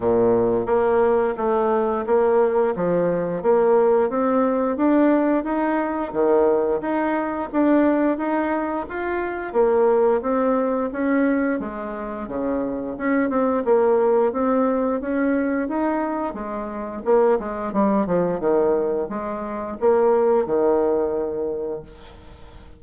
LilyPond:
\new Staff \with { instrumentName = "bassoon" } { \time 4/4 \tempo 4 = 88 ais,4 ais4 a4 ais4 | f4 ais4 c'4 d'4 | dis'4 dis4 dis'4 d'4 | dis'4 f'4 ais4 c'4 |
cis'4 gis4 cis4 cis'8 c'8 | ais4 c'4 cis'4 dis'4 | gis4 ais8 gis8 g8 f8 dis4 | gis4 ais4 dis2 | }